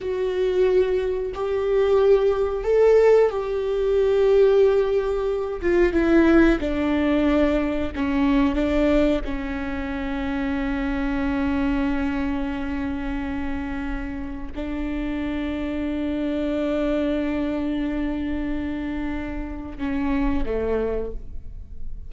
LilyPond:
\new Staff \with { instrumentName = "viola" } { \time 4/4 \tempo 4 = 91 fis'2 g'2 | a'4 g'2.~ | g'8 f'8 e'4 d'2 | cis'4 d'4 cis'2~ |
cis'1~ | cis'2 d'2~ | d'1~ | d'2 cis'4 a4 | }